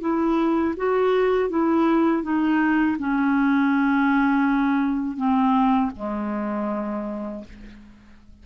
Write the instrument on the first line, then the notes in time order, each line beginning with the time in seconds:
clarinet
0.00 E4
0.76 F#4
1.49 E4
2.22 D#4
2.98 C#4
5.16 C4
5.96 G#3